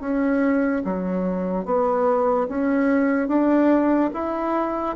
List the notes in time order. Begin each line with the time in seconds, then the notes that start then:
0.00 C#4
0.84 F#3
1.65 B3
2.48 C#4
3.28 D4
4.13 E4